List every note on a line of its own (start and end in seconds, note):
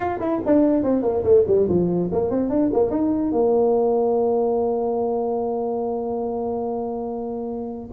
0.00 0.19 F4
0.20 0.41 E4
0.45 0.83 D4
0.83 1.02 C4
1.02 1.23 A#3
1.23 1.44 A3
1.47 1.68 G3
1.68 2.10 F3
2.12 2.30 A#3
2.30 2.49 C4
2.49 2.70 D4
2.73 2.90 A#3
2.90 3.32 D#4
3.32 7.90 A#3